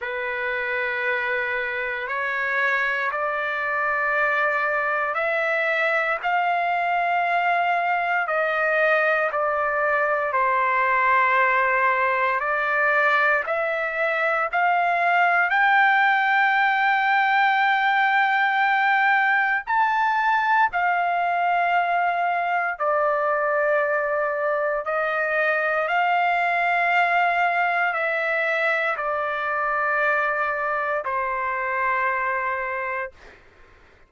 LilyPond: \new Staff \with { instrumentName = "trumpet" } { \time 4/4 \tempo 4 = 58 b'2 cis''4 d''4~ | d''4 e''4 f''2 | dis''4 d''4 c''2 | d''4 e''4 f''4 g''4~ |
g''2. a''4 | f''2 d''2 | dis''4 f''2 e''4 | d''2 c''2 | }